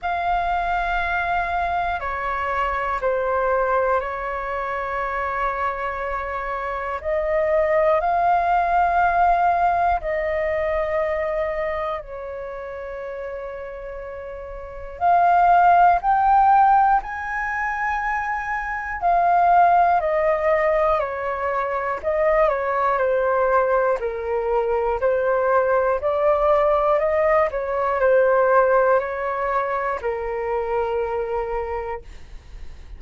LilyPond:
\new Staff \with { instrumentName = "flute" } { \time 4/4 \tempo 4 = 60 f''2 cis''4 c''4 | cis''2. dis''4 | f''2 dis''2 | cis''2. f''4 |
g''4 gis''2 f''4 | dis''4 cis''4 dis''8 cis''8 c''4 | ais'4 c''4 d''4 dis''8 cis''8 | c''4 cis''4 ais'2 | }